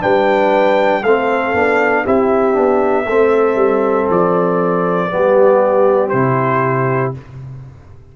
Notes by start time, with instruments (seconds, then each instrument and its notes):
0.00 tuba G3, trombone D4, horn B4, trumpet G5
1.03 tuba A3, trombone C4, horn A4, trumpet F5
1.54 tuba B3, trombone D4
2.05 tuba C4, trombone E4, horn G4, trumpet E5
2.54 tuba B3, trombone D4
3.06 tuba A3, trombone C4, horn A4
3.55 tuba G3
4.10 tuba F3, trumpet D5
5.10 tuba G3, trombone B3, horn G4
6.09 tuba C3, trombone E4, trumpet C5